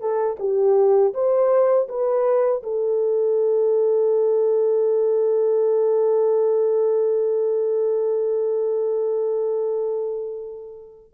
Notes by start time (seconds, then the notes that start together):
0.00 A4
0.39 G4
1.14 C5
1.88 B4
2.63 A4